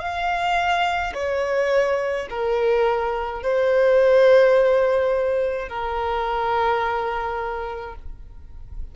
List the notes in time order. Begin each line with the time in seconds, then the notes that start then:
0.00 F5
1.15 C#5
2.30 A#4
3.43 C5
5.69 A#4